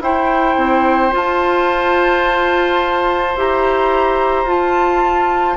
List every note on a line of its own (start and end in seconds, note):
0.00 0.56 E4
0.00 1.10 E4
0.00 5.56 C5
0.00 1.13 G5
0.56 1.12 C4
1.10 3.33 F4
1.10 3.35 F4
1.10 3.38 A5
3.35 4.44 E4
3.35 4.47 G4
3.35 4.49 A#5
4.44 5.55 F4
4.44 5.56 F4
4.44 5.56 A5